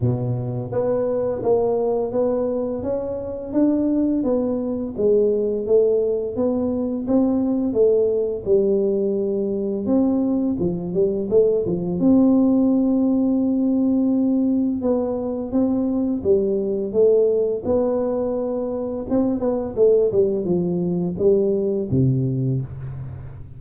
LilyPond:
\new Staff \with { instrumentName = "tuba" } { \time 4/4 \tempo 4 = 85 b,4 b4 ais4 b4 | cis'4 d'4 b4 gis4 | a4 b4 c'4 a4 | g2 c'4 f8 g8 |
a8 f8 c'2.~ | c'4 b4 c'4 g4 | a4 b2 c'8 b8 | a8 g8 f4 g4 c4 | }